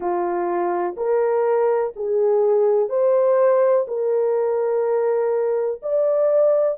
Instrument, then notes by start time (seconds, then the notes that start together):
horn
0.00 F4
0.96 A#4
1.96 G#4
2.89 C5
3.87 A#4
5.82 D5